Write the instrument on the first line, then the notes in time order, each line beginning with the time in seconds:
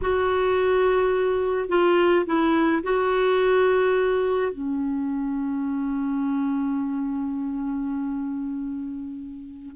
clarinet
0.01 F#4
1.69 F4
2.26 E4
2.83 F#4
4.52 C#4